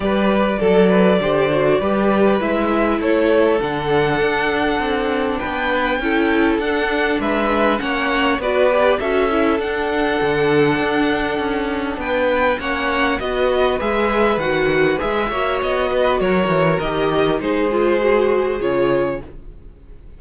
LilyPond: <<
  \new Staff \with { instrumentName = "violin" } { \time 4/4 \tempo 4 = 100 d''1 | e''4 cis''4 fis''2~ | fis''4 g''2 fis''4 | e''4 fis''4 d''4 e''4 |
fis''1 | g''4 fis''4 dis''4 e''4 | fis''4 e''4 dis''4 cis''4 | dis''4 c''2 cis''4 | }
  \new Staff \with { instrumentName = "violin" } { \time 4/4 b'4 a'8 b'8 c''4 b'4~ | b'4 a'2.~ | a'4 b'4 a'2 | b'4 cis''4 b'4 a'4~ |
a'1 | b'4 cis''4 b'2~ | b'4. cis''4 b'8 ais'4~ | ais'4 gis'2. | }
  \new Staff \with { instrumentName = "viola" } { \time 4/4 g'4 a'4 g'8 fis'8 g'4 | e'2 d'2~ | d'2 e'4 d'4~ | d'4 cis'4 fis'8 g'8 fis'8 e'8 |
d'1~ | d'4 cis'4 fis'4 gis'4 | fis'4 gis'8 fis'2~ fis'8 | g'4 dis'8 f'8 fis'4 f'4 | }
  \new Staff \with { instrumentName = "cello" } { \time 4/4 g4 fis4 d4 g4 | gis4 a4 d4 d'4 | c'4 b4 cis'4 d'4 | gis4 ais4 b4 cis'4 |
d'4 d4 d'4 cis'4 | b4 ais4 b4 gis4 | dis4 gis8 ais8 b4 fis8 e8 | dis4 gis2 cis4 | }
>>